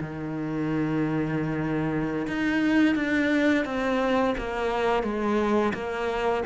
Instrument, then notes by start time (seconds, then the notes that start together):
cello
0.00 D#3
2.27 D#4
2.95 D4
3.65 C4
4.37 A#3
5.03 G#3
5.74 A#3